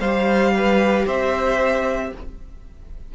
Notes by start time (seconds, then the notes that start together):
0.00 G3 G4 C5 F5
0.57 B4
1.06 C4 C5 E5